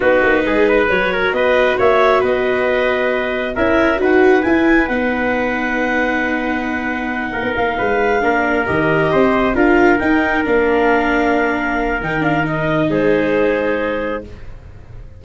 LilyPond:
<<
  \new Staff \with { instrumentName = "clarinet" } { \time 4/4 \tempo 4 = 135 b'2 cis''4 dis''4 | e''4 dis''2. | e''4 fis''4 gis''4 fis''4~ | fis''1~ |
fis''4 f''2~ f''8 dis''8~ | dis''4. f''4 g''4 f''8~ | f''2. g''8 f''8 | dis''4 c''2. | }
  \new Staff \with { instrumentName = "trumpet" } { \time 4/4 fis'4 gis'8 b'4 ais'8 b'4 | cis''4 b'2. | ais'4 b'2.~ | b'1~ |
b'8 ais'4 b'4 ais'4.~ | ais'8 c''4 ais'2~ ais'8~ | ais'1~ | ais'4 gis'2. | }
  \new Staff \with { instrumentName = "viola" } { \time 4/4 dis'2 fis'2~ | fis'1 | e'4 fis'4 e'4 dis'4~ | dis'1~ |
dis'2~ dis'8 d'4 g'8~ | g'4. f'4 dis'4 d'8~ | d'2. dis'8 d'8 | dis'1 | }
  \new Staff \with { instrumentName = "tuba" } { \time 4/4 b8 ais8 gis4 fis4 b4 | ais4 b2. | cis'4 dis'4 e'4 b4~ | b1~ |
b8 ais16 b16 ais8 gis4 ais4 dis8~ | dis8 c'4 d'4 dis'4 ais8~ | ais2. dis4~ | dis4 gis2. | }
>>